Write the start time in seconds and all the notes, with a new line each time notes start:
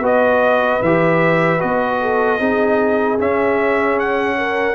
0.00 B3 F#4 B4 D#5
0.82 E3 G4 E5
1.60 B3 F#4 D#5
2.01 A4
2.39 C4 D#4 G#4
3.19 C#4 E5
4.00 F#5
4.38 A#4